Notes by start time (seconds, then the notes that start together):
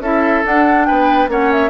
0.00 C#4 E4 A4 E5
0.44 D4 F#5
0.86 B3 B4 G5
1.28 A#3 C#4 C#5 F#5
1.53 E5